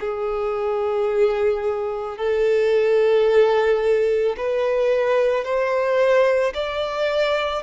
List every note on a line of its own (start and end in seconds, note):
0.00 2.18 G#4
2.18 4.36 A4
4.37 5.44 B4
5.44 6.53 C5
6.54 7.63 D5